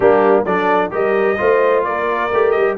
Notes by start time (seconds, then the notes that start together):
0.00 G3 A#3 D4 G4
0.44 F#3 D4 A4 D5
0.90 G3 G4 A#4 D#5
1.37 A3 F4 C5
1.83 A#3 A#4 D5
2.33 A3 G4
2.51 G3 D#5